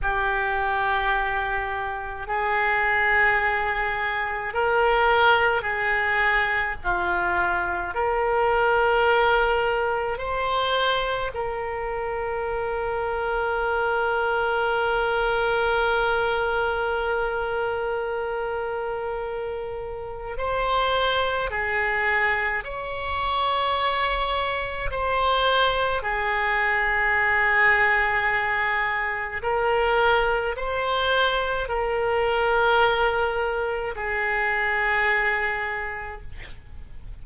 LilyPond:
\new Staff \with { instrumentName = "oboe" } { \time 4/4 \tempo 4 = 53 g'2 gis'2 | ais'4 gis'4 f'4 ais'4~ | ais'4 c''4 ais'2~ | ais'1~ |
ais'2 c''4 gis'4 | cis''2 c''4 gis'4~ | gis'2 ais'4 c''4 | ais'2 gis'2 | }